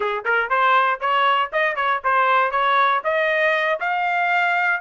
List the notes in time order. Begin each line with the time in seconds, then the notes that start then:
0.00 G#4
0.25 A#4
0.49 C5
1.00 C#5
1.52 D#5
1.75 C#5
2.04 C5
2.51 C#5
3.04 D#5
3.80 F5